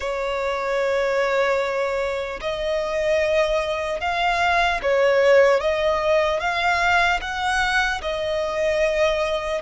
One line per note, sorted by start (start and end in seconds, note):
0.00 2.40 C#5
2.40 4.00 D#5
4.00 4.80 F5
4.82 5.60 C#5
5.60 6.40 D#5
6.40 7.20 F5
7.21 8.01 F#5
8.01 9.61 D#5